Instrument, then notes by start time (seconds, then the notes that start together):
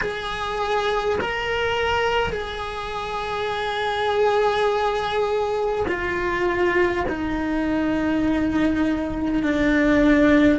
cello
0.01 G#4
1.21 A#4
2.32 G#4
5.88 F4
7.08 D#4
9.42 D4